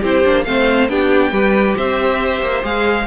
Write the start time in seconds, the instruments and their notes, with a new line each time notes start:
0.00 cello C4, viola E4, violin G4 C5
0.24 cello A#3, viola D4
0.44 cello A3, viola C4, violin C5 F5
0.89 cello B3, viola D4, violin G4 G5
1.31 cello G3, viola G4, violin B4
1.76 cello C4, violin C5 E5
2.41 cello A#3
2.63 cello G#3, viola G#4, violin F5